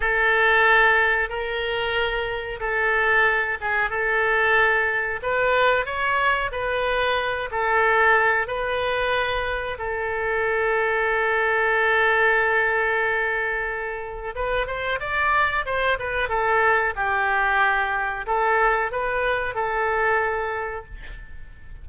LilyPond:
\new Staff \with { instrumentName = "oboe" } { \time 4/4 \tempo 4 = 92 a'2 ais'2 | a'4. gis'8 a'2 | b'4 cis''4 b'4. a'8~ | a'4 b'2 a'4~ |
a'1~ | a'2 b'8 c''8 d''4 | c''8 b'8 a'4 g'2 | a'4 b'4 a'2 | }